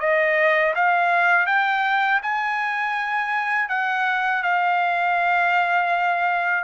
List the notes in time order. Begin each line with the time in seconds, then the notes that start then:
0.00 D#5
0.75 F5
1.47 G5
2.23 G#5
3.69 F#5
4.43 F5